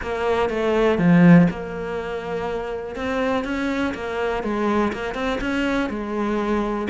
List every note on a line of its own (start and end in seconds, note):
0.02 0.49 A#3
0.49 0.98 A3
0.98 1.47 F3
1.50 2.95 A#3
2.95 3.44 C4
3.44 3.93 C#4
3.94 4.43 A#3
4.43 4.92 G#3
4.92 5.14 A#3
5.14 5.39 C4
5.41 5.89 C#4
5.89 6.87 G#3